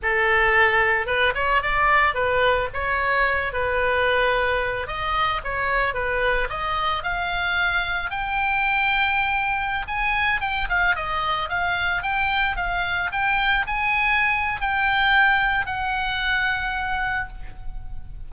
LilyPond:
\new Staff \with { instrumentName = "oboe" } { \time 4/4 \tempo 4 = 111 a'2 b'8 cis''8 d''4 | b'4 cis''4. b'4.~ | b'4 dis''4 cis''4 b'4 | dis''4 f''2 g''4~ |
g''2~ g''16 gis''4 g''8 f''16~ | f''16 dis''4 f''4 g''4 f''8.~ | f''16 g''4 gis''4.~ gis''16 g''4~ | g''4 fis''2. | }